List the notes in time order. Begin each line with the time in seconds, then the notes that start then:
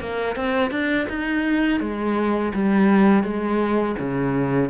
0.00 A#3
0.35 C4
0.71 D4
1.09 D#4
1.80 G#3
2.53 G3
3.23 G#3
3.98 C#3